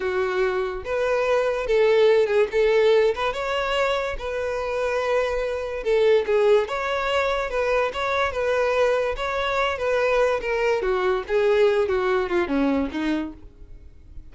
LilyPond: \new Staff \with { instrumentName = "violin" } { \time 4/4 \tempo 4 = 144 fis'2 b'2 | a'4. gis'8 a'4. b'8 | cis''2 b'2~ | b'2 a'4 gis'4 |
cis''2 b'4 cis''4 | b'2 cis''4. b'8~ | b'4 ais'4 fis'4 gis'4~ | gis'8 fis'4 f'8 cis'4 dis'4 | }